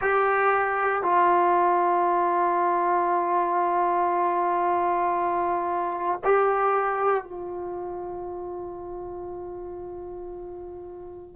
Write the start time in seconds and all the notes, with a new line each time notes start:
0.01 G4
1.03 F4
6.24 G4
7.23 F4